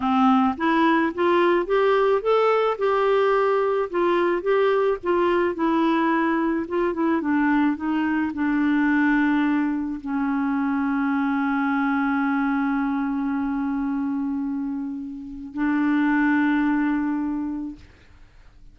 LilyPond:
\new Staff \with { instrumentName = "clarinet" } { \time 4/4 \tempo 4 = 108 c'4 e'4 f'4 g'4 | a'4 g'2 f'4 | g'4 f'4 e'2 | f'8 e'8 d'4 dis'4 d'4~ |
d'2 cis'2~ | cis'1~ | cis'1 | d'1 | }